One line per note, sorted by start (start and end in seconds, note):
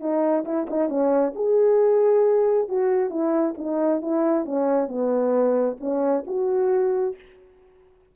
0.00 0.44 D#4
0.45 0.67 E4
0.70 0.89 D#4
0.89 1.33 C#4
1.35 2.69 G#4
2.69 3.10 F#4
3.10 3.54 E4
3.58 4.02 D#4
4.02 4.45 E4
4.45 4.88 C#4
4.88 5.77 B3
5.80 6.25 C#4
6.27 7.16 F#4